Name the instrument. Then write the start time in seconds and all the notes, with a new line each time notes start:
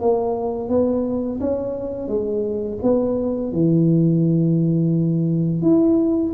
tuba
0.00 A#3
0.69 B3
1.40 C#4
2.08 G#3
2.82 B3
3.52 E3
5.62 E4